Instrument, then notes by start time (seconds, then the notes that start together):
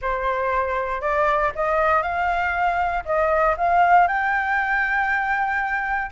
flute
0.01 C5
1.01 D5
1.55 D#5
2.02 F5
3.05 D#5
3.57 F5
4.07 G5